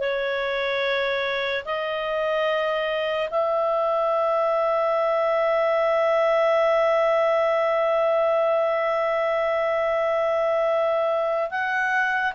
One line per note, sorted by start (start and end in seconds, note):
0.00 1.64 C#5
1.65 3.30 D#5
3.30 11.51 E5
11.51 12.33 F#5